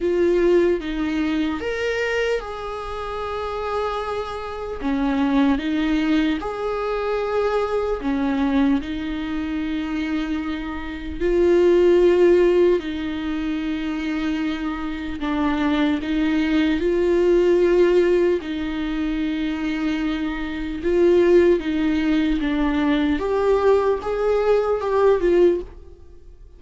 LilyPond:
\new Staff \with { instrumentName = "viola" } { \time 4/4 \tempo 4 = 75 f'4 dis'4 ais'4 gis'4~ | gis'2 cis'4 dis'4 | gis'2 cis'4 dis'4~ | dis'2 f'2 |
dis'2. d'4 | dis'4 f'2 dis'4~ | dis'2 f'4 dis'4 | d'4 g'4 gis'4 g'8 f'8 | }